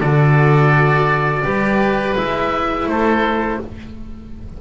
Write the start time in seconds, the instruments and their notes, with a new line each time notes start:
0.00 double bass D3, cello F#4, oboe A4 D5
1.45 double bass G3, cello G4, oboe B4
2.16 double bass G#3, cello E4, oboe E5
2.86 double bass A3, oboe A4 C5